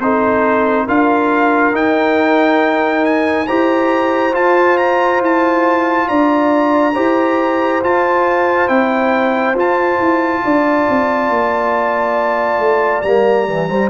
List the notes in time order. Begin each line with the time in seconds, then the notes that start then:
0.00 C4 D#4 A4 C5
0.86 D4 F4 A#4 F5
1.72 D#4 G5
3.05 G#5
3.47 E4 G4 C5 A#5
4.33 F4 A5
4.78 A#5
5.21 E4 A5
6.09 D4 D5 A#5
6.94 E4 G4 C5
7.83 F4 A5
8.68 C4 E4 G5
9.55 F4 A5
10.00 E4
10.44 D4 D5
10.89 C4
11.30 A#3
12.59 A3
13.02 G3 A#3 A#5
13.47 E3
13.70 G3 C5